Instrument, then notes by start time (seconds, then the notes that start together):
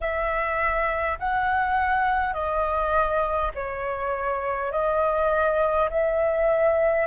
flute
0.00 E5
1.19 F#5
2.33 D#5
3.55 C#5
4.71 D#5
5.90 E5